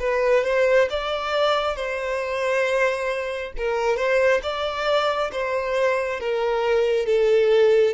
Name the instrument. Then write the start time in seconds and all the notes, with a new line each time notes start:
violin
0.00 B4
0.45 C5
0.90 D5
1.76 C5
3.57 A#4
3.97 C5
4.43 D5
5.32 C5
6.20 A#4
7.06 A4